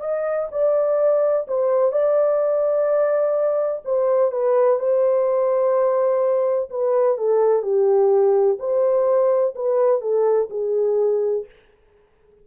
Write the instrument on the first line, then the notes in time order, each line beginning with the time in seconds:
horn
0.00 D#5
0.51 D5
1.47 C5
1.92 D5
3.84 C5
4.32 B4
4.79 C5
6.70 B4
7.17 A4
7.62 G4
8.59 C5
9.55 B4
10.01 A4
10.50 G#4